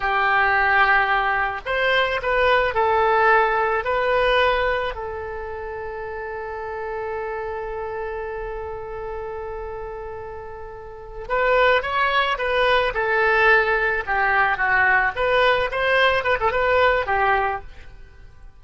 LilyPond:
\new Staff \with { instrumentName = "oboe" } { \time 4/4 \tempo 4 = 109 g'2. c''4 | b'4 a'2 b'4~ | b'4 a'2.~ | a'1~ |
a'1~ | a'8 b'4 cis''4 b'4 a'8~ | a'4. g'4 fis'4 b'8~ | b'8 c''4 b'16 a'16 b'4 g'4 | }